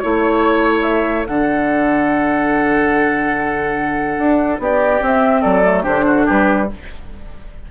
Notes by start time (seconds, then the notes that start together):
0.00 A3 E4 C#5
0.83 E5
1.27 D3 D4 A4 F#5
4.19 D4
4.59 B3 G4 D5
5.01 C4 E5
5.42 F#3 A4 D5
5.63 A3
5.83 D3 D4 G4 C5
6.07 F#4
6.26 G3 G4 B4